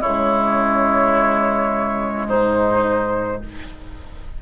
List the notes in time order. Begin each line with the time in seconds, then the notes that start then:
0.00 C#3 G#3 E4 C#5
2.28 G#2 D#4 C5